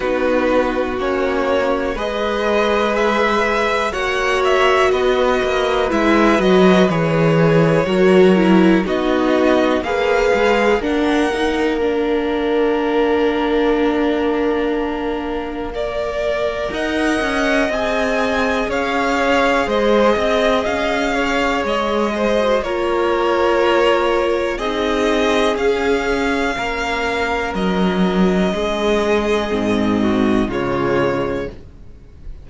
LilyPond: <<
  \new Staff \with { instrumentName = "violin" } { \time 4/4 \tempo 4 = 61 b'4 cis''4 dis''4 e''4 | fis''8 e''8 dis''4 e''8 dis''8 cis''4~ | cis''4 dis''4 f''4 fis''4 | f''1~ |
f''4 fis''4 gis''4 f''4 | dis''4 f''4 dis''4 cis''4~ | cis''4 dis''4 f''2 | dis''2. cis''4 | }
  \new Staff \with { instrumentName = "violin" } { \time 4/4 fis'2 b'2 | cis''4 b'2. | ais'4 fis'4 b'4 ais'4~ | ais'1 |
d''4 dis''2 cis''4 | c''8 dis''4 cis''4 c''8 ais'4~ | ais'4 gis'2 ais'4~ | ais'4 gis'4. fis'8 f'4 | }
  \new Staff \with { instrumentName = "viola" } { \time 4/4 dis'4 cis'4 gis'2 | fis'2 e'8 fis'8 gis'4 | fis'8 e'8 dis'4 gis'4 d'8 dis'8 | d'1 |
ais'2 gis'2~ | gis'2~ gis'8. fis'16 f'4~ | f'4 dis'4 cis'2~ | cis'2 c'4 gis4 | }
  \new Staff \with { instrumentName = "cello" } { \time 4/4 b4 ais4 gis2 | ais4 b8 ais8 gis8 fis8 e4 | fis4 b4 ais8 gis8 ais4~ | ais1~ |
ais4 dis'8 cis'8 c'4 cis'4 | gis8 c'8 cis'4 gis4 ais4~ | ais4 c'4 cis'4 ais4 | fis4 gis4 gis,4 cis4 | }
>>